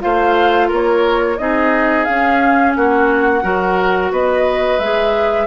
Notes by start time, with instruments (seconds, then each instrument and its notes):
0.00 bassoon A3, clarinet F4, oboe C5, flute F5
0.68 bassoon A#3, oboe A#4, flute C#5
1.38 bassoon C4, clarinet D#4, oboe G#4, flute D#5
2.04 clarinet C#4, bassoon C#4, flute F5
2.75 bassoon A#3, oboe F#4, flute F#5
3.42 bassoon F#3, clarinet F#4, oboe A#4
4.11 bassoon B3, oboe B4, flute D#5
4.78 bassoon G#3, clarinet G#4, flute E5